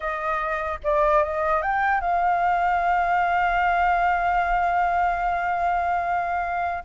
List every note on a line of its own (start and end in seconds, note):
0.00 0.79 D#5
0.83 1.23 D5
1.23 1.62 D#5
1.62 2.00 G5
2.00 6.84 F5